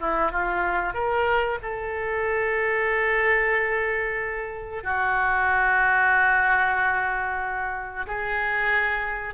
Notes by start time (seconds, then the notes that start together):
0.00 E4
0.31 F4
0.94 A#4
1.62 A4
4.84 F#4
8.07 G#4